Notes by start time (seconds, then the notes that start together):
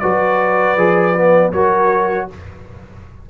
0.00 F#3 F#4 B4 D5
0.77 F3 G#4
1.15 B3
1.52 F#3 F#4 A#4 C#5